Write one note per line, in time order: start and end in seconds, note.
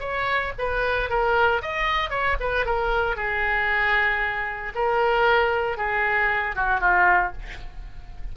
0.00 0.52 C#5
0.58 1.09 B4
1.09 1.62 A#4
1.62 2.10 D#5
2.10 2.36 C#5
2.40 2.65 B4
2.65 3.16 A#4
3.16 4.72 G#4
4.75 5.77 A#4
5.77 6.55 G#4
6.55 6.80 F#4
6.80 7.32 F4